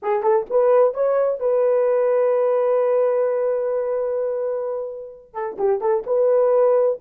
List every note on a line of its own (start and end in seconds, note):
0.02 0.22 G#4
0.22 0.46 A4
0.49 0.94 B4
0.94 1.39 C#5
1.39 5.33 B4
5.33 5.57 A4
5.58 5.80 G4
5.80 6.03 A4
6.06 6.99 B4